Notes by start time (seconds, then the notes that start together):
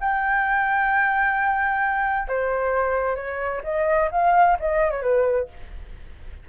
0.00 G5
2.28 C5
3.15 C#5
3.63 D#5
4.11 F5
4.59 D#5
4.90 C#5
5.02 B4